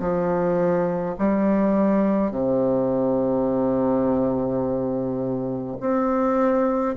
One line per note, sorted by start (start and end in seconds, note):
0.00 1.15 F3
1.19 2.31 G3
2.31 5.77 C3
5.80 6.95 C4